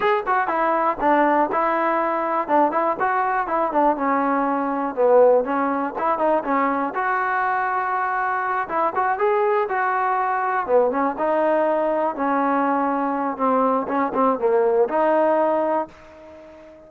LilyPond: \new Staff \with { instrumentName = "trombone" } { \time 4/4 \tempo 4 = 121 gis'8 fis'8 e'4 d'4 e'4~ | e'4 d'8 e'8 fis'4 e'8 d'8 | cis'2 b4 cis'4 | e'8 dis'8 cis'4 fis'2~ |
fis'4. e'8 fis'8 gis'4 fis'8~ | fis'4. b8 cis'8 dis'4.~ | dis'8 cis'2~ cis'8 c'4 | cis'8 c'8 ais4 dis'2 | }